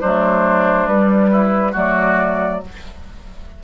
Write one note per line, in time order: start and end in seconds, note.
0.00 0.87 F#3
0.00 0.91 A3
0.00 1.30 D4
0.00 0.87 C5
0.87 1.74 G3
0.87 1.75 G3
0.87 1.74 B4
1.32 1.72 E4
1.72 2.63 F#3
1.72 2.62 A3
1.72 2.59 F#4
1.72 2.64 D5